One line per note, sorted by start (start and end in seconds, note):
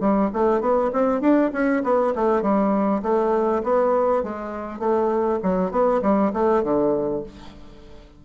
0.00 0.30 G3
0.33 0.61 A3
0.61 0.91 B3
0.93 1.21 C4
1.21 1.51 D4
1.53 1.83 C#4
1.84 2.14 B3
2.15 2.42 A3
2.42 3.02 G3
3.02 3.62 A3
3.63 4.23 B3
4.23 4.79 G#3
4.79 5.39 A3
5.43 5.71 F#3
5.71 6.01 B3
6.02 6.32 G3
6.33 6.63 A3
6.63 7.23 D3